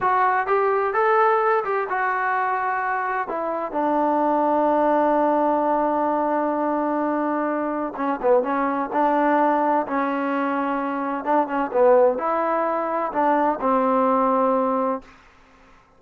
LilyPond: \new Staff \with { instrumentName = "trombone" } { \time 4/4 \tempo 4 = 128 fis'4 g'4 a'4. g'8 | fis'2. e'4 | d'1~ | d'1~ |
d'4 cis'8 b8 cis'4 d'4~ | d'4 cis'2. | d'8 cis'8 b4 e'2 | d'4 c'2. | }